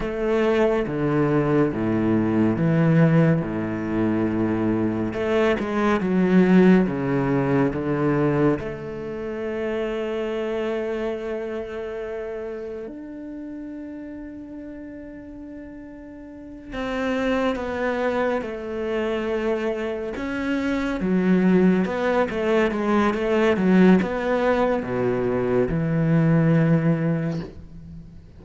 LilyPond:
\new Staff \with { instrumentName = "cello" } { \time 4/4 \tempo 4 = 70 a4 d4 a,4 e4 | a,2 a8 gis8 fis4 | cis4 d4 a2~ | a2. d'4~ |
d'2.~ d'8 c'8~ | c'8 b4 a2 cis'8~ | cis'8 fis4 b8 a8 gis8 a8 fis8 | b4 b,4 e2 | }